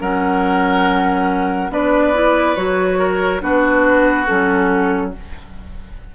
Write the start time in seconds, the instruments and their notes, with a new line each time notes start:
0.00 bassoon F#3, clarinet C#4, oboe A#4, flute F#5
1.70 bassoon B3, clarinet D4, oboe B4, flute D5
2.14 clarinet E4
2.56 bassoon F#3, clarinet F#4, flute C#5
2.99 oboe A#4
3.40 bassoon B3, clarinet D4, oboe F#4, flute B4
4.26 bassoon F#3, clarinet C#4, flute A4